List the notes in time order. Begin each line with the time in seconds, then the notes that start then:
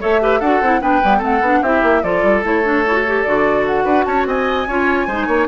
0.00 A3 A4 C#5 E5
0.21 G4 B4
0.39 D4 F#4 A4 F#5
0.61 C4 E4
0.81 B3 D4 B4 G5
1.02 G3 B3
1.18 A3 C4 A4 F#5
1.41 B3 D4
1.62 C4 E4 G4 E5
1.83 A#3
2.03 F3 F4 A4 D5
2.23 G3
2.43 A3 E4 C#5
2.63 D4
2.87 E4 F#4
3.07 G4
3.23 D3 F#4 D5
3.66 F#5
3.84 D4 B4
4.04 C#4 C#5 A5
4.26 C4 D#5 G#5
4.68 C#4 F4 C#5
5.07 G#3 D#4 C5
5.27 A#3 C#5